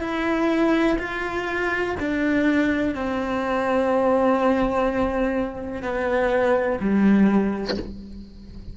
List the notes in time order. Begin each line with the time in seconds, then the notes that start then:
0.00 E4
0.99 F4
1.99 D4
2.95 C4
5.82 B3
6.80 G3